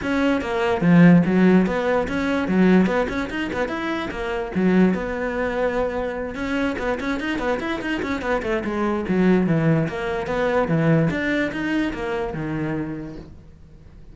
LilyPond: \new Staff \with { instrumentName = "cello" } { \time 4/4 \tempo 4 = 146 cis'4 ais4 f4 fis4 | b4 cis'4 fis4 b8 cis'8 | dis'8 b8 e'4 ais4 fis4 | b2.~ b8 cis'8~ |
cis'8 b8 cis'8 dis'8 b8 e'8 dis'8 cis'8 | b8 a8 gis4 fis4 e4 | ais4 b4 e4 d'4 | dis'4 ais4 dis2 | }